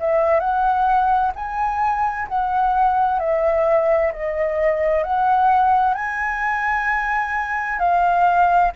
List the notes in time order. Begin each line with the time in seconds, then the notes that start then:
0.00 E5
0.40 F#5
1.36 G#5
2.29 F#5
3.20 E5
4.12 D#5
5.03 F#5
5.95 G#5
7.79 F5